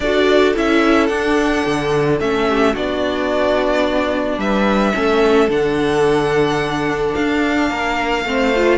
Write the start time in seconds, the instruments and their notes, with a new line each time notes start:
0.00 cello D4, viola F#4, violin A4 D5
0.55 cello C#4, viola E4, violin E5
1.07 cello D4, viola D4, violin F#5
1.66 cello D3
2.20 cello A3, viola C#4, violin E5
2.48 violin G4
2.73 cello B3, viola D4, violin F#4 D5
4.37 cello G3, violin B4 E5
4.93 cello A3, viola C#4, violin A4
5.48 cello D3, viola D4, violin F#5
7.14 cello D4, violin F5
7.69 cello A#3, violin A#4
8.25 cello A3, viola C4, violin C5
8.55 viola F4